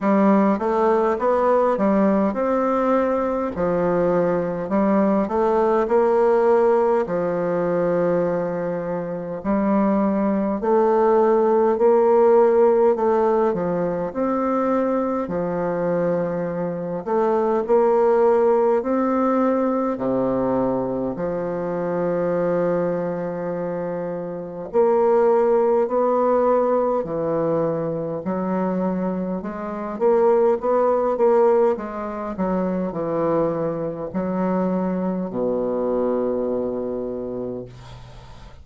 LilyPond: \new Staff \with { instrumentName = "bassoon" } { \time 4/4 \tempo 4 = 51 g8 a8 b8 g8 c'4 f4 | g8 a8 ais4 f2 | g4 a4 ais4 a8 f8 | c'4 f4. a8 ais4 |
c'4 c4 f2~ | f4 ais4 b4 e4 | fis4 gis8 ais8 b8 ais8 gis8 fis8 | e4 fis4 b,2 | }